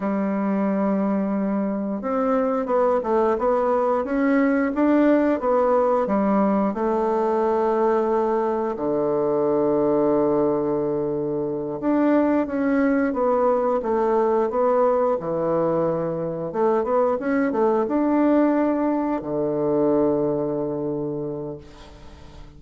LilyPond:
\new Staff \with { instrumentName = "bassoon" } { \time 4/4 \tempo 4 = 89 g2. c'4 | b8 a8 b4 cis'4 d'4 | b4 g4 a2~ | a4 d2.~ |
d4. d'4 cis'4 b8~ | b8 a4 b4 e4.~ | e8 a8 b8 cis'8 a8 d'4.~ | d'8 d2.~ d8 | }